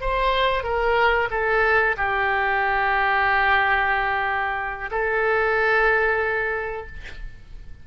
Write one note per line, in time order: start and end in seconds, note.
0.00 0.63 C5
0.63 1.28 A#4
1.30 1.95 A4
1.97 4.90 G4
4.90 6.86 A4